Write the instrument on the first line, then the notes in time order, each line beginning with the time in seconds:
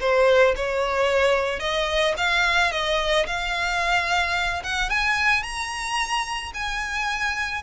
violin
0.00 C5
0.56 C#5
1.59 D#5
2.17 F5
2.71 D#5
3.26 F5
4.64 F#5
4.89 G#5
5.42 A#5
6.54 G#5